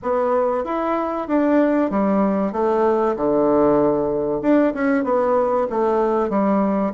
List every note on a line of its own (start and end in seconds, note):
0.02 0.64 B3
0.64 1.27 E4
1.27 1.90 D4
1.90 2.52 G3
2.52 3.15 A3
3.16 4.41 D3
4.41 4.73 D4
4.74 5.04 C#4
5.04 5.67 B3
5.70 6.29 A3
6.29 6.92 G3